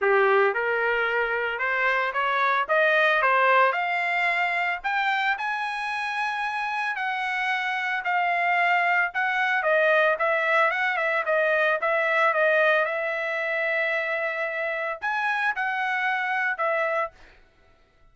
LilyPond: \new Staff \with { instrumentName = "trumpet" } { \time 4/4 \tempo 4 = 112 g'4 ais'2 c''4 | cis''4 dis''4 c''4 f''4~ | f''4 g''4 gis''2~ | gis''4 fis''2 f''4~ |
f''4 fis''4 dis''4 e''4 | fis''8 e''8 dis''4 e''4 dis''4 | e''1 | gis''4 fis''2 e''4 | }